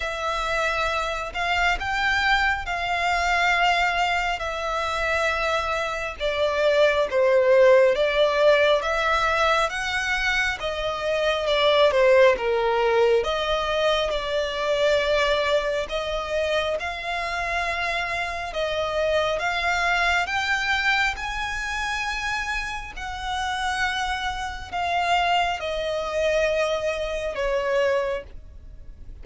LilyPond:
\new Staff \with { instrumentName = "violin" } { \time 4/4 \tempo 4 = 68 e''4. f''8 g''4 f''4~ | f''4 e''2 d''4 | c''4 d''4 e''4 fis''4 | dis''4 d''8 c''8 ais'4 dis''4 |
d''2 dis''4 f''4~ | f''4 dis''4 f''4 g''4 | gis''2 fis''2 | f''4 dis''2 cis''4 | }